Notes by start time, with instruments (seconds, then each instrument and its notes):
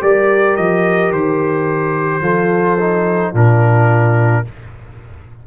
0.00 tuba G3, trombone G4, horn A#4, trumpet D5
0.56 tuba F3, trumpet D#5
1.11 tuba D#3, trumpet C5
2.21 tuba F3, trombone F4, horn A4
2.79 trombone D#4
3.31 tuba A#2, trombone D4, horn F4, trumpet A#4